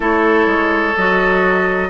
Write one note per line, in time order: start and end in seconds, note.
0.00 0.46 A3
0.00 0.93 E4
0.00 1.88 A4
0.00 0.96 C#5
0.46 0.94 G#3
0.96 1.89 F#3
0.96 1.89 F#4
0.96 1.89 D#5